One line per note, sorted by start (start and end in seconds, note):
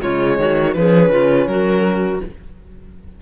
0.00 0.38 C#3
0.00 0.73 G#3
0.00 0.37 F4
0.00 0.74 C#5
0.38 0.75 D#3
0.38 0.75 F#4
0.73 1.09 F3
0.73 2.19 C#4
0.73 1.10 G#4
0.73 1.47 B4
1.09 1.45 C#3
1.09 1.47 F4
1.47 2.20 F#3
1.47 2.22 F#4
1.47 2.20 A#4